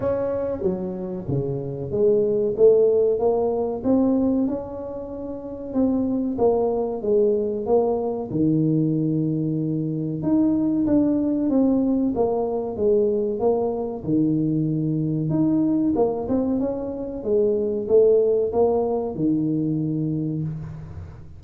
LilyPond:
\new Staff \with { instrumentName = "tuba" } { \time 4/4 \tempo 4 = 94 cis'4 fis4 cis4 gis4 | a4 ais4 c'4 cis'4~ | cis'4 c'4 ais4 gis4 | ais4 dis2. |
dis'4 d'4 c'4 ais4 | gis4 ais4 dis2 | dis'4 ais8 c'8 cis'4 gis4 | a4 ais4 dis2 | }